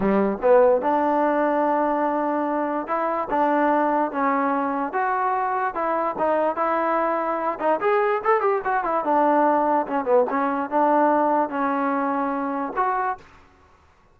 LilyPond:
\new Staff \with { instrumentName = "trombone" } { \time 4/4 \tempo 4 = 146 g4 b4 d'2~ | d'2. e'4 | d'2 cis'2 | fis'2 e'4 dis'4 |
e'2~ e'8 dis'8 gis'4 | a'8 g'8 fis'8 e'8 d'2 | cis'8 b8 cis'4 d'2 | cis'2. fis'4 | }